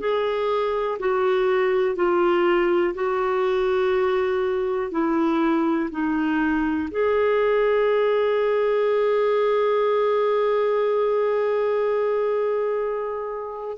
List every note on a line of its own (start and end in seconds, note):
0.00 0.98 G#4
0.99 1.95 F#4
1.95 2.94 F4
2.95 4.91 F#4
4.91 5.90 E4
5.91 6.89 D#4
6.91 13.77 G#4